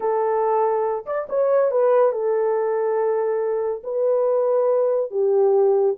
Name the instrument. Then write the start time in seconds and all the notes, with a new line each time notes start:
horn
0.00 A4
1.06 D5
1.29 C#5
1.71 B4
2.12 A4
3.83 B4
5.10 G4